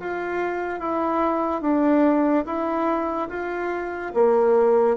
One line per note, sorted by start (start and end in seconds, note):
0.00 0.80 F4
0.80 1.62 E4
1.62 2.45 D4
2.46 3.29 E4
3.29 4.12 F4
4.14 4.97 A#3